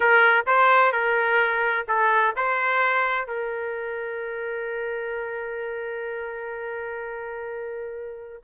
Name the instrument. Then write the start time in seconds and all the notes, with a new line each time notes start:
trumpet
0.00 A#4
0.46 C5
0.92 A#4
1.88 A4
2.36 C5
3.27 A#4